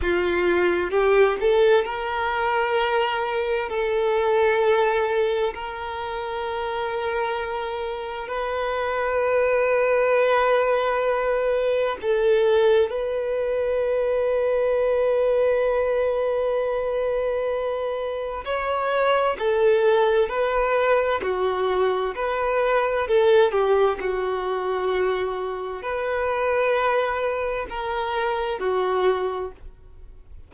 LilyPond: \new Staff \with { instrumentName = "violin" } { \time 4/4 \tempo 4 = 65 f'4 g'8 a'8 ais'2 | a'2 ais'2~ | ais'4 b'2.~ | b'4 a'4 b'2~ |
b'1 | cis''4 a'4 b'4 fis'4 | b'4 a'8 g'8 fis'2 | b'2 ais'4 fis'4 | }